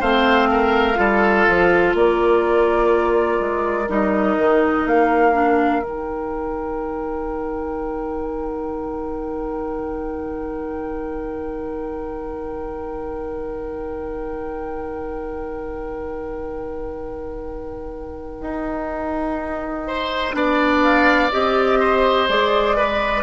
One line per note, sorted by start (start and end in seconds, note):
0.00 0.98 A3
0.00 0.95 C4
0.00 0.48 C5
0.00 1.95 F5
0.51 0.99 A#4
0.95 1.46 G3
0.95 3.85 F4
0.95 1.96 A4
1.48 1.94 F3
1.94 3.39 A#3
1.94 19.87 A#4
1.94 3.90 D5
3.40 3.88 G#3
3.89 4.37 G3
3.89 5.33 D#4
3.89 4.87 D#5
4.37 4.85 D#3
4.85 5.82 A#3
4.85 5.83 F5
5.33 5.81 D4
5.82 18.41 D#3
5.82 20.33 D#4
5.82 20.82 G5
18.41 20.34 D#4
19.87 20.35 C5
20.33 21.31 B3
20.33 21.29 D4
20.33 21.79 D5
20.82 21.31 F5
21.32 22.29 C4
21.32 22.29 G4
21.32 22.29 D#5
21.79 22.76 C5
22.29 23.23 G#3
22.29 22.77 G#4
22.29 23.23 D5
22.76 23.23 B4